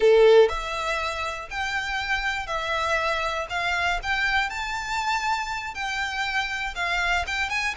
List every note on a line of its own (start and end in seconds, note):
0.00 0.48 A4
0.48 1.48 E5
1.50 2.46 G5
2.46 3.46 E5
3.49 3.99 F5
4.02 4.49 G5
4.49 5.74 A5
5.74 6.74 G5
6.75 7.25 F5
7.26 7.49 G5
7.49 7.74 G#5